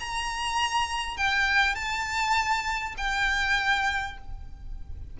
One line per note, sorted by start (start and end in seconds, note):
0.00 1.17 A#5
1.17 1.75 G5
1.75 2.95 A5
2.98 4.18 G5